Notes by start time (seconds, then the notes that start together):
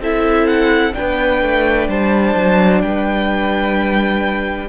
0.00 C4 E4 A4 E5
0.47 F#5
0.93 D4 B4 G5
1.00 B3
1.42 A3
1.88 G3 C5 A5
2.36 F#3
2.81 G3 B4 G5